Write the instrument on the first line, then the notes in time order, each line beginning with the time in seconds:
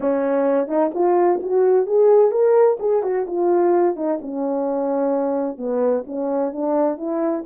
horn
0.00 C#4
0.67 D#4
0.94 F4
1.42 F#4
1.86 G#4
2.31 A#4
2.79 G#4
3.02 F#4
3.26 F4
3.96 D#4
4.21 C#4
5.57 B3
6.06 C#4
6.52 D4
6.97 E4